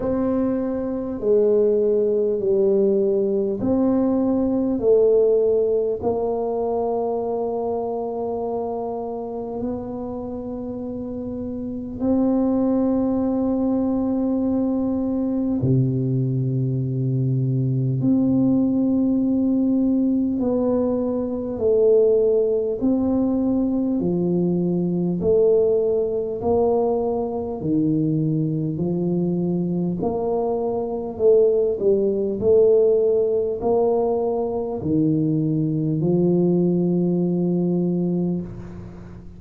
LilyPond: \new Staff \with { instrumentName = "tuba" } { \time 4/4 \tempo 4 = 50 c'4 gis4 g4 c'4 | a4 ais2. | b2 c'2~ | c'4 c2 c'4~ |
c'4 b4 a4 c'4 | f4 a4 ais4 dis4 | f4 ais4 a8 g8 a4 | ais4 dis4 f2 | }